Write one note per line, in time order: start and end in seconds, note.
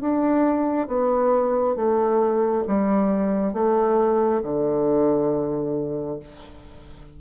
0.00 0.87 D4
0.87 1.75 B3
1.75 2.64 A3
2.67 3.53 G3
3.53 4.41 A3
4.42 6.19 D3